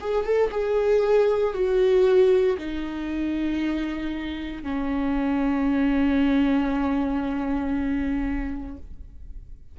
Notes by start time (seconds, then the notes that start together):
0.00 G#4
0.24 A4
0.50 G#4
1.53 F#4
2.57 D#4
4.63 C#4